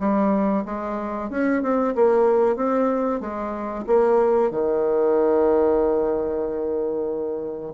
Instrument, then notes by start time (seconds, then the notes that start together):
bassoon
0.00 G3
0.66 G#3
1.30 C#4
1.62 C4
1.95 A#3
2.56 C4
3.21 G#3
3.87 A#3
4.51 D#3